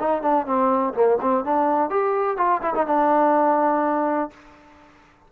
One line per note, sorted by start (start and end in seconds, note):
0.00 0.22 D#4
0.22 0.46 D4
0.46 0.94 C4
0.94 1.18 A#3
1.22 1.44 C4
1.44 1.90 D4
1.90 2.37 G4
2.37 2.61 F4
2.62 2.74 E4
2.75 2.87 D#4
2.87 4.31 D4